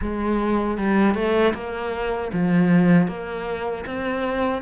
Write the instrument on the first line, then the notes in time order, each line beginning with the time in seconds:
cello
0.01 G#3
0.77 G3
1.15 A3
1.54 A#3
2.32 F3
3.07 A#3
3.86 C4